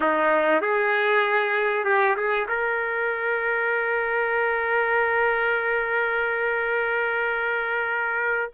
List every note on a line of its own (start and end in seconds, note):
0.00 0.61 D#4
0.61 1.84 G#4
1.84 2.15 G4
2.16 2.47 G#4
2.48 8.51 A#4